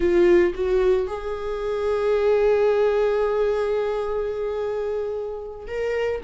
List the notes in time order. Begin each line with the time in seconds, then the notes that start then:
0.00 F4
0.54 F#4
1.07 G#4
5.67 A#4